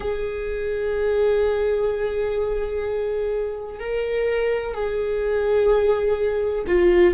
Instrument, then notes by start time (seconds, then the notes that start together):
viola
0.00 G#4
3.79 A#4
4.74 G#4
6.67 F4